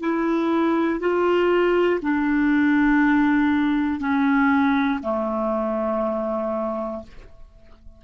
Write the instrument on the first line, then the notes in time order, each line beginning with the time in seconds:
clarinet
0.00 E4
1.00 F4
2.02 D4
4.00 C#4
5.03 A3